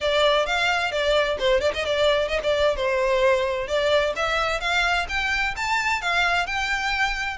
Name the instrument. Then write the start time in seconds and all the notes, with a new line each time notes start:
violin
0.01 D5
0.46 F5
0.91 D5
1.39 C5
1.60 D5
1.74 D#5
1.85 D5
2.28 D#5
2.43 D5
2.76 C5
3.67 D5
4.16 E5
4.60 F5
5.08 G5
5.56 A5
6.01 F5
6.46 G5